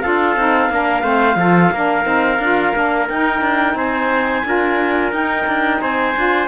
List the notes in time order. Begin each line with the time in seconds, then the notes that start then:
0.00 D4 F4 A4 F5
0.36 C4 D#4
0.70 A#3 D4 A#4
1.03 A3 C4 C5
1.36 F3 F4 A4
1.71 A#3 D4 A#4
2.04 C4 D#4
2.39 D4 F4
2.74 A#3 D4
3.09 D#4 G5
3.41 D4
3.75 C4 C5 G#5
4.45 D4 F4 A#4
5.12 D#4 G5
5.47 D4
5.81 C4 C5 G#5
6.16 D4 F4